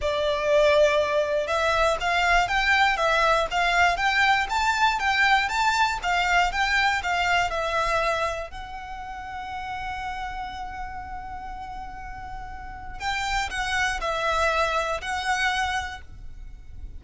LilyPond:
\new Staff \with { instrumentName = "violin" } { \time 4/4 \tempo 4 = 120 d''2. e''4 | f''4 g''4 e''4 f''4 | g''4 a''4 g''4 a''4 | f''4 g''4 f''4 e''4~ |
e''4 fis''2.~ | fis''1~ | fis''2 g''4 fis''4 | e''2 fis''2 | }